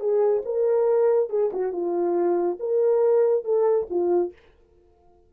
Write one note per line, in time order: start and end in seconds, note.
0.00 0.43 G#4
0.45 1.30 A#4
1.30 1.51 G#4
1.53 1.73 F#4
1.73 2.58 F4
2.60 3.44 A#4
3.44 3.87 A4
3.90 4.33 F4